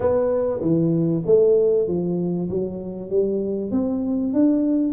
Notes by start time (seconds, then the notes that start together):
0.00 B3
0.60 E3
1.26 A3
1.87 F3
2.49 F#3
3.09 G3
3.71 C4
4.33 D4